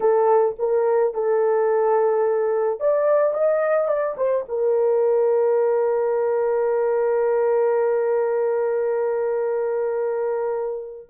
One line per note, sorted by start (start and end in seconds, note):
0.00 0.55 A4
0.58 1.13 A#4
1.13 2.80 A4
2.80 3.33 D5
3.33 3.88 D#5
3.88 4.15 D5
4.17 4.44 C5
4.48 11.09 A#4